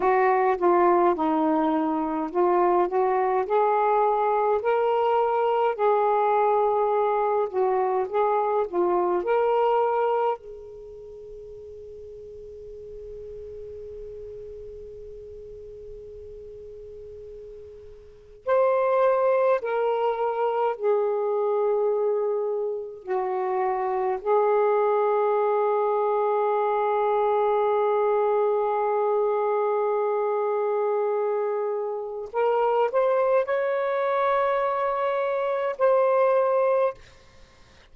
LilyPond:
\new Staff \with { instrumentName = "saxophone" } { \time 4/4 \tempo 4 = 52 fis'8 f'8 dis'4 f'8 fis'8 gis'4 | ais'4 gis'4. fis'8 gis'8 f'8 | ais'4 gis'2.~ | gis'1 |
c''4 ais'4 gis'2 | fis'4 gis'2.~ | gis'1 | ais'8 c''8 cis''2 c''4 | }